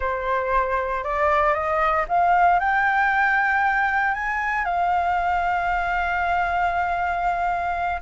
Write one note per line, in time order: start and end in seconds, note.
0.00 1.03 C5
1.04 1.54 D5
1.54 2.05 D#5
2.08 2.59 F5
2.59 4.14 G5
4.14 4.64 G#5
4.64 8.00 F5